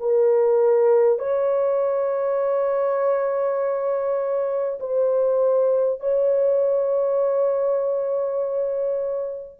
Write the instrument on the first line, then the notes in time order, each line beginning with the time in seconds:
horn
0.00 A#4
1.18 C#5
4.80 C5
5.99 C#5